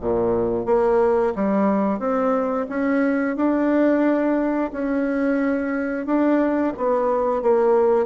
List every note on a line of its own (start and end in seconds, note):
0.00 0.65 A#2
0.65 1.33 A#3
1.35 1.99 G3
1.99 2.66 C4
2.69 3.36 C#4
3.36 4.71 D4
4.72 6.06 C#4
6.06 6.73 D4
6.77 7.42 B3
7.42 8.06 A#3